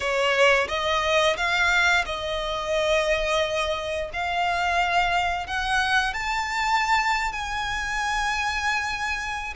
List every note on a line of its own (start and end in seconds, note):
0.00 0.67 C#5
0.68 1.36 D#5
1.36 2.05 F5
2.05 4.10 D#5
4.12 5.46 F5
5.46 6.13 F#5
6.13 7.32 A5
7.32 9.54 G#5